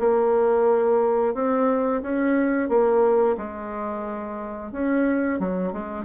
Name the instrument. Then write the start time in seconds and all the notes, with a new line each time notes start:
bassoon
0.00 A#3
1.35 C4
2.03 C#4
2.69 A#3
3.38 G#3
4.72 C#4
5.40 F#3
5.73 G#3